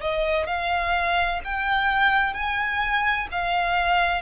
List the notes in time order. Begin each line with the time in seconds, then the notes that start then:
0.00 D#5
0.46 F5
1.44 G5
2.34 G#5
3.31 F5